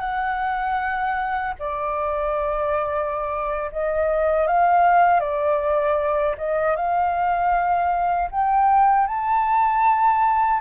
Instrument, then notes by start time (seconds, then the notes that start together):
flute
0.00 F#5
1.59 D5
3.72 D#5
4.47 F5
5.20 D5
6.37 D#5
6.76 F5
8.31 G5
9.07 A5